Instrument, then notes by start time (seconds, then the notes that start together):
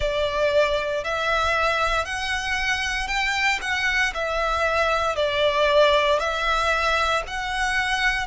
violin
0.00 D5
1.03 E5
2.05 F#5
3.07 G5
3.61 F#5
4.14 E5
5.15 D5
6.19 E5
7.27 F#5